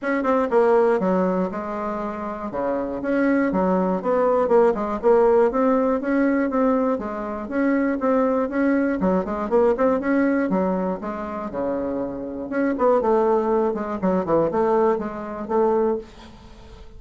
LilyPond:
\new Staff \with { instrumentName = "bassoon" } { \time 4/4 \tempo 4 = 120 cis'8 c'8 ais4 fis4 gis4~ | gis4 cis4 cis'4 fis4 | b4 ais8 gis8 ais4 c'4 | cis'4 c'4 gis4 cis'4 |
c'4 cis'4 fis8 gis8 ais8 c'8 | cis'4 fis4 gis4 cis4~ | cis4 cis'8 b8 a4. gis8 | fis8 e8 a4 gis4 a4 | }